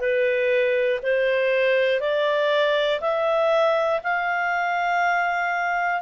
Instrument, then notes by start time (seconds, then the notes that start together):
clarinet
0.00 B4
1.02 C5
2.00 D5
3.01 E5
4.04 F5